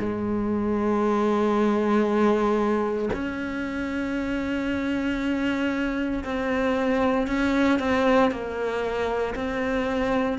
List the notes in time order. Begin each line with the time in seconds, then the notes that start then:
0.00 G#3
3.14 C#4
6.24 C4
7.28 C#4
7.80 C4
8.31 A#3
9.35 C4